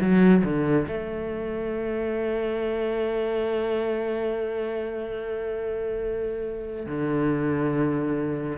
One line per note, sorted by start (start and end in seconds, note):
0.00 0.43 F#3
0.44 0.86 D3
0.87 6.86 A3
6.86 8.57 D3